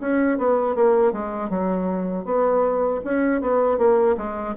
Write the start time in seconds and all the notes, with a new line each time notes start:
0.00 C#4
0.38 B3
0.75 A#3
1.12 G#3
1.49 F#3
2.25 B3
3.04 C#4
3.41 B3
3.78 A#3
4.17 G#3